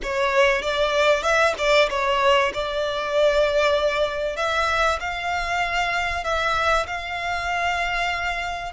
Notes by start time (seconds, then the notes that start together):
0.02 C#5
0.62 D5
1.22 E5
1.57 D5
1.89 C#5
2.53 D5
4.36 E5
5.00 F5
6.24 E5
6.86 F5